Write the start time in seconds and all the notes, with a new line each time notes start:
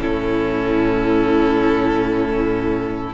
0.00 A2 C#4 E4 A4